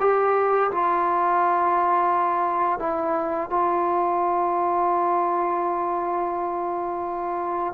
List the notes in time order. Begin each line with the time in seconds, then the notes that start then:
0.00 G4
0.72 F4
2.79 E4
3.50 F4